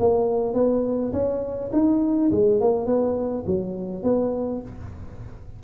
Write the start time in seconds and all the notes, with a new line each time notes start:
0.00 A#3
0.54 B3
1.13 C#4
1.73 D#4
2.32 G#3
2.61 A#3
2.86 B3
3.47 F#3
4.04 B3